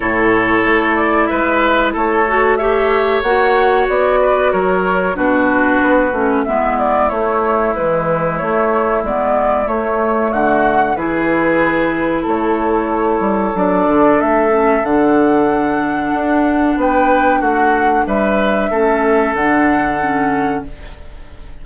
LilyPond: <<
  \new Staff \with { instrumentName = "flute" } { \time 4/4 \tempo 4 = 93 cis''4. d''8 e''4 cis''4 | e''4 fis''4 d''4 cis''4 | b'2 e''8 d''8 cis''4 | b'4 cis''4 d''4 cis''4 |
fis''4 b'2 cis''4~ | cis''4 d''4 e''4 fis''4~ | fis''2 g''4 fis''4 | e''2 fis''2 | }
  \new Staff \with { instrumentName = "oboe" } { \time 4/4 a'2 b'4 a'4 | cis''2~ cis''8 b'8 ais'4 | fis'2 e'2~ | e'1 |
fis'4 gis'2 a'4~ | a'1~ | a'2 b'4 fis'4 | b'4 a'2. | }
  \new Staff \with { instrumentName = "clarinet" } { \time 4/4 e'2.~ e'8 fis'8 | g'4 fis'2. | d'4. cis'8 b4 a4 | e4 a4 b4 a4~ |
a4 e'2.~ | e'4 d'4. cis'8 d'4~ | d'1~ | d'4 cis'4 d'4 cis'4 | }
  \new Staff \with { instrumentName = "bassoon" } { \time 4/4 a,4 a4 gis4 a4~ | a4 ais4 b4 fis4 | b,4 b8 a8 gis4 a4 | gis4 a4 gis4 a4 |
d4 e2 a4~ | a8 g8 fis8 d8 a4 d4~ | d4 d'4 b4 a4 | g4 a4 d2 | }
>>